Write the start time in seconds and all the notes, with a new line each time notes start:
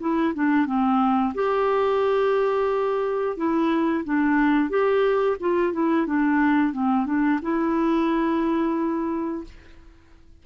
0.00 E4
0.35 D4
0.66 C4
1.35 G4
3.37 E4
4.04 D4
4.70 G4
5.40 F4
5.73 E4
6.06 D4
6.73 C4
7.06 D4
7.42 E4